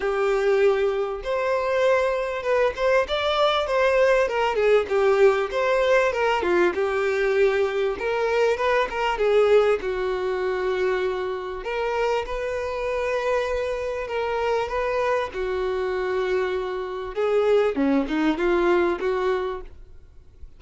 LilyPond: \new Staff \with { instrumentName = "violin" } { \time 4/4 \tempo 4 = 98 g'2 c''2 | b'8 c''8 d''4 c''4 ais'8 gis'8 | g'4 c''4 ais'8 f'8 g'4~ | g'4 ais'4 b'8 ais'8 gis'4 |
fis'2. ais'4 | b'2. ais'4 | b'4 fis'2. | gis'4 cis'8 dis'8 f'4 fis'4 | }